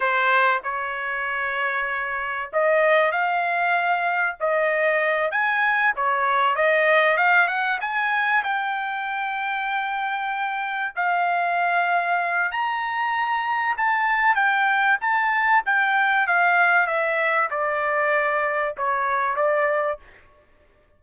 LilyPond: \new Staff \with { instrumentName = "trumpet" } { \time 4/4 \tempo 4 = 96 c''4 cis''2. | dis''4 f''2 dis''4~ | dis''8 gis''4 cis''4 dis''4 f''8 | fis''8 gis''4 g''2~ g''8~ |
g''4. f''2~ f''8 | ais''2 a''4 g''4 | a''4 g''4 f''4 e''4 | d''2 cis''4 d''4 | }